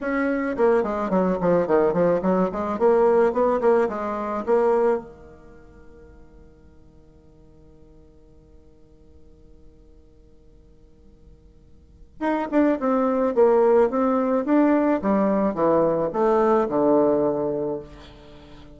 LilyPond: \new Staff \with { instrumentName = "bassoon" } { \time 4/4 \tempo 4 = 108 cis'4 ais8 gis8 fis8 f8 dis8 f8 | fis8 gis8 ais4 b8 ais8 gis4 | ais4 dis2.~ | dis1~ |
dis1~ | dis2 dis'8 d'8 c'4 | ais4 c'4 d'4 g4 | e4 a4 d2 | }